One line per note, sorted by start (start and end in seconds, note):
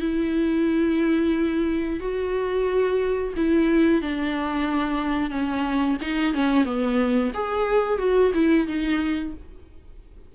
0.00 2.00 E4
2.00 3.33 F#4
3.36 4.02 E4
4.02 5.30 D4
5.30 5.97 C#4
6.01 6.34 D#4
6.34 6.65 C#4
6.65 7.32 B3
7.34 7.98 G#4
7.98 8.32 F#4
8.34 8.67 E4
8.67 9.34 D#4